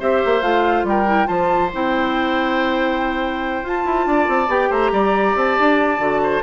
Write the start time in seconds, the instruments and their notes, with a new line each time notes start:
0.00 bassoon C4, clarinet G4, oboe C5, flute E5
0.26 bassoon A#3
0.42 bassoon A3, clarinet F4, flute F5
0.84 bassoon G3, oboe A#4, flute G5
1.06 clarinet E4
1.25 bassoon F3, clarinet F4, oboe C5, flute A5
1.74 bassoon C4, clarinet E4, flute G5
3.63 bassoon F4, clarinet F4, flute A5
3.85 bassoon E4
4.06 bassoon D4, oboe D5
4.28 bassoon C4
4.48 bassoon B3, clarinet G4, flute G5
4.70 bassoon A3, oboe C5, flute A#5
4.92 bassoon G3, oboe D5
5.36 bassoon C4, flute A5
5.60 bassoon D4
5.98 bassoon D3, clarinet F#4
6.23 oboe C5